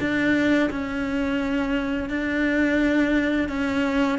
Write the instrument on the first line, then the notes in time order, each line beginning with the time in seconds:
cello
0.00 D4
0.70 C#4
2.09 D4
3.49 C#4